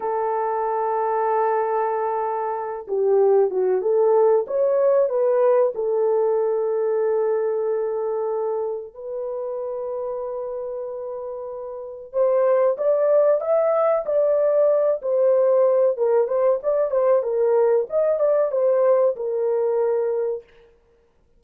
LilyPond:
\new Staff \with { instrumentName = "horn" } { \time 4/4 \tempo 4 = 94 a'1~ | a'8 g'4 fis'8 a'4 cis''4 | b'4 a'2.~ | a'2 b'2~ |
b'2. c''4 | d''4 e''4 d''4. c''8~ | c''4 ais'8 c''8 d''8 c''8 ais'4 | dis''8 d''8 c''4 ais'2 | }